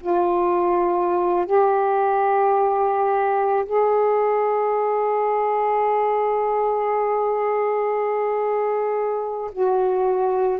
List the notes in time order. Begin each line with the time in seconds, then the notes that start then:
0.00 F4
1.45 G4
3.65 G#4
9.52 F#4